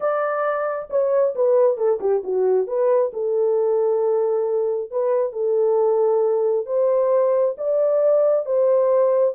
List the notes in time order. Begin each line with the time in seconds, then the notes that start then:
0.00 D5
0.90 C#5
1.35 B4
1.77 A4
2.00 G4
2.23 F#4
2.67 B4
3.13 A4
4.91 B4
5.32 A4
6.66 C5
7.57 D5
8.45 C5